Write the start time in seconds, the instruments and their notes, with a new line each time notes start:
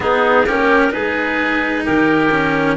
0.00 cello B3, tuba B3, oboe D#4, clarinet G#4
0.46 tuba A#3, cello C#4, oboe G4, clarinet A#4
0.90 tuba G#3, cello D#4, oboe G#4, clarinet B4
1.84 tuba D#3, oboe G4, clarinet A#4
2.31 cello C#4